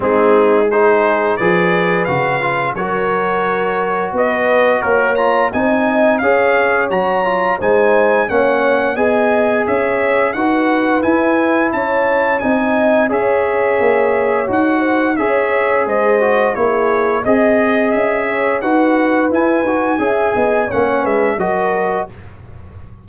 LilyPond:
<<
  \new Staff \with { instrumentName = "trumpet" } { \time 4/4 \tempo 4 = 87 gis'4 c''4 d''4 f''4 | cis''2 dis''4 ais'8 ais''8 | gis''4 f''4 ais''4 gis''4 | fis''4 gis''4 e''4 fis''4 |
gis''4 a''4 gis''4 e''4~ | e''4 fis''4 e''4 dis''4 | cis''4 dis''4 e''4 fis''4 | gis''2 fis''8 e''8 dis''4 | }
  \new Staff \with { instrumentName = "horn" } { \time 4/4 dis'4 gis'4 b'2 | ais'2 b'4 cis''4 | dis''4 cis''2 c''4 | cis''4 dis''4 cis''4 b'4~ |
b'4 cis''4 dis''4 cis''4~ | cis''4. c''8 cis''4 c''4 | gis'4 dis''4. cis''8 b'4~ | b'4 e''8 dis''8 cis''8 b'8 ais'4 | }
  \new Staff \with { instrumentName = "trombone" } { \time 4/4 c'4 dis'4 gis'4 fis'8 f'8 | fis'2.~ fis'8 f'8 | dis'4 gis'4 fis'8 f'8 dis'4 | cis'4 gis'2 fis'4 |
e'2 dis'4 gis'4~ | gis'4 fis'4 gis'4. fis'8 | e'4 gis'2 fis'4 | e'8 fis'8 gis'4 cis'4 fis'4 | }
  \new Staff \with { instrumentName = "tuba" } { \time 4/4 gis2 f4 cis4 | fis2 b4 ais4 | c'4 cis'4 fis4 gis4 | ais4 b4 cis'4 dis'4 |
e'4 cis'4 c'4 cis'4 | ais4 dis'4 cis'4 gis4 | ais4 c'4 cis'4 dis'4 | e'8 dis'8 cis'8 b8 ais8 gis8 fis4 | }
>>